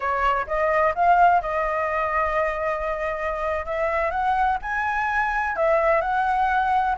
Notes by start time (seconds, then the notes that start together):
0.00 C#5
0.46 D#5
0.94 F5
1.41 D#5
3.65 E5
4.10 F#5
4.62 G#5
5.56 E5
6.01 F#5